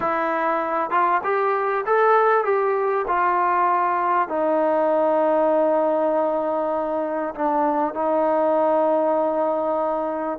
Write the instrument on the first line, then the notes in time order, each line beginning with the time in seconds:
trombone
0.00 E4
0.90 F4
1.23 G4
1.86 A4
2.44 G4
3.07 F4
4.28 D#4
7.34 D4
7.94 D#4